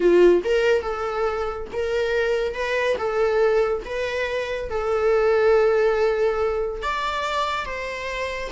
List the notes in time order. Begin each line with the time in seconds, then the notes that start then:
0.00 F4
0.44 A#4
0.82 A4
1.72 A#4
2.54 B4
2.97 A4
3.85 B4
4.69 A4
6.82 D5
7.65 C5